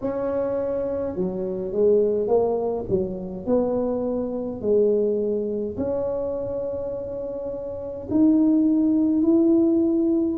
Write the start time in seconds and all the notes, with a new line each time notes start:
0.01 C#4
1.15 F#3
1.72 G#3
2.27 A#3
2.89 F#3
3.46 B3
4.61 G#3
5.77 C#4
8.10 D#4
9.22 E4